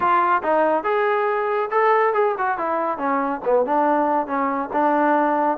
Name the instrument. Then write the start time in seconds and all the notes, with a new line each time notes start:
trombone
0.00 F4
0.42 D#4
0.83 G#4
1.70 A4
2.13 G#4
2.37 F#4
2.58 E4
2.98 C#4
3.44 B3
3.65 D4
4.26 C#4
4.73 D4